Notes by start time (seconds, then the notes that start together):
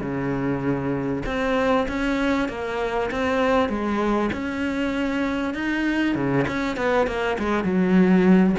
0.00 C#3
1.26 C4
1.88 C#4
2.49 A#3
3.11 C4
3.69 G#3
4.32 C#4
5.54 D#4
6.14 C#3
6.47 C#4
6.76 B3
7.07 A#3
7.38 G#3
7.64 F#3